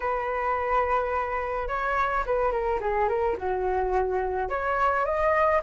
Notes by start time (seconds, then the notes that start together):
0.00 B4
1.68 C#5
2.26 B4
2.51 A#4
2.80 G#4
3.08 A#4
3.37 F#4
4.49 C#5
5.05 D#5